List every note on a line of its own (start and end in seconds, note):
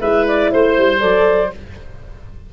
0.00 0.50 G#3
0.00 0.99 E4
0.00 0.51 B4
0.00 0.25 E5
0.27 0.52 D5
0.52 0.77 A3
0.52 1.00 C5
0.52 1.53 C5
0.77 1.02 G3
0.99 1.53 F#3
0.99 1.49 A4
0.99 1.50 D5